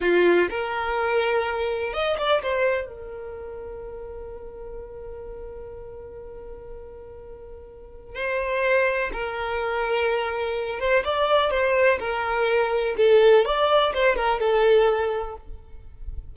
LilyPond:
\new Staff \with { instrumentName = "violin" } { \time 4/4 \tempo 4 = 125 f'4 ais'2. | dis''8 d''8 c''4 ais'2~ | ais'1~ | ais'1~ |
ais'4 c''2 ais'4~ | ais'2~ ais'8 c''8 d''4 | c''4 ais'2 a'4 | d''4 c''8 ais'8 a'2 | }